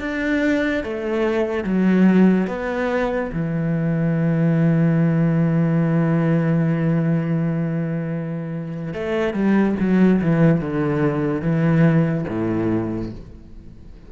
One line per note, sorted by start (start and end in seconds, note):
0.00 0.83 D4
0.84 1.64 A3
1.64 2.47 F#3
2.47 3.31 B3
3.33 8.94 E3
8.94 9.34 A3
9.34 9.75 G3
9.80 10.21 F#3
10.21 10.61 E3
10.61 11.42 D3
11.42 12.25 E3
12.28 13.12 A2